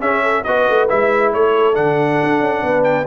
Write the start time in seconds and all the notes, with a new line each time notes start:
0.00 C#4 G#4 E5
0.22 A4
0.43 B3 F#4 B4 D#5
0.68 A3
0.88 G#3 E4 E5
1.33 A3 A4 C#5
1.74 D3 D4 F#5
2.23 D4
2.40 C#4
2.62 B3 B4
2.83 G5